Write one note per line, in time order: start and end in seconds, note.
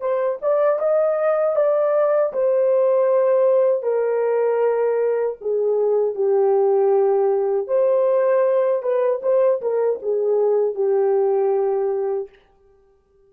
0.00 0.38 C5
0.42 0.79 D5
0.79 1.56 D#5
1.56 2.33 D5
2.33 3.83 C5
3.83 5.36 A#4
5.41 6.15 G#4
6.15 7.67 G4
7.67 8.83 C5
8.83 9.21 B4
9.22 9.61 C5
9.61 10.00 A#4
10.02 10.75 G#4
10.75 12.29 G4